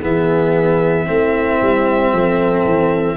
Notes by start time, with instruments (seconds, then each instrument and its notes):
0.00 tuba E3, cello B3, horn G#4, violin E5
1.06 tuba A3, cello C4, horn E4
1.61 tuba G3
2.12 tuba F3, horn A4
2.65 tuba E3